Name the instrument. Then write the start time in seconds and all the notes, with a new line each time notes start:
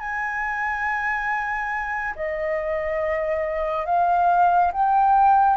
flute
0.00 G#5
2.16 D#5
3.86 F5
4.73 G5